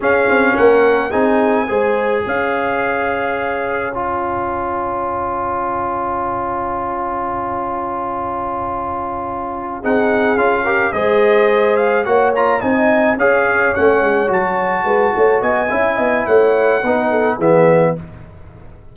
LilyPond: <<
  \new Staff \with { instrumentName = "trumpet" } { \time 4/4 \tempo 4 = 107 f''4 fis''4 gis''2 | f''2. gis''4~ | gis''1~ | gis''1~ |
gis''4. fis''4 f''4 dis''8~ | dis''4 f''8 fis''8 ais''8 gis''4 f''8~ | f''8 fis''4 a''2 gis''8~ | gis''4 fis''2 e''4 | }
  \new Staff \with { instrumentName = "horn" } { \time 4/4 gis'4 ais'4 gis'4 c''4 | cis''1~ | cis''1~ | cis''1~ |
cis''4. gis'4. ais'8 c''8~ | c''4. cis''4 dis''4 cis''8~ | cis''2~ cis''8 b'8 cis''8 dis''8 | e''8 dis''8 cis''4 b'8 a'8 gis'4 | }
  \new Staff \with { instrumentName = "trombone" } { \time 4/4 cis'2 dis'4 gis'4~ | gis'2. f'4~ | f'1~ | f'1~ |
f'4. dis'4 f'8 g'8 gis'8~ | gis'4. fis'8 f'8 dis'4 gis'8~ | gis'8 cis'4 fis'2~ fis'8 | e'2 dis'4 b4 | }
  \new Staff \with { instrumentName = "tuba" } { \time 4/4 cis'8 c'8 ais4 c'4 gis4 | cis'1~ | cis'1~ | cis'1~ |
cis'4. c'4 cis'4 gis8~ | gis4. ais4 c'4 cis'8~ | cis'8 a8 gis8 fis4 gis8 a8 b8 | cis'8 b8 a4 b4 e4 | }
>>